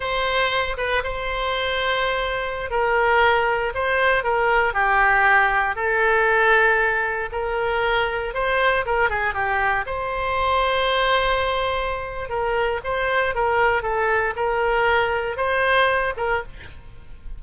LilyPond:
\new Staff \with { instrumentName = "oboe" } { \time 4/4 \tempo 4 = 117 c''4. b'8 c''2~ | c''4~ c''16 ais'2 c''8.~ | c''16 ais'4 g'2 a'8.~ | a'2~ a'16 ais'4.~ ais'16~ |
ais'16 c''4 ais'8 gis'8 g'4 c''8.~ | c''1 | ais'4 c''4 ais'4 a'4 | ais'2 c''4. ais'8 | }